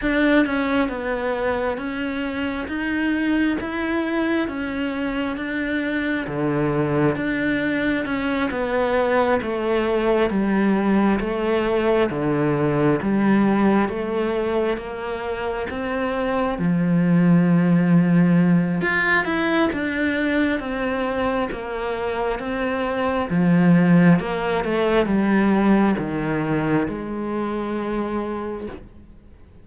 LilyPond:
\new Staff \with { instrumentName = "cello" } { \time 4/4 \tempo 4 = 67 d'8 cis'8 b4 cis'4 dis'4 | e'4 cis'4 d'4 d4 | d'4 cis'8 b4 a4 g8~ | g8 a4 d4 g4 a8~ |
a8 ais4 c'4 f4.~ | f4 f'8 e'8 d'4 c'4 | ais4 c'4 f4 ais8 a8 | g4 dis4 gis2 | }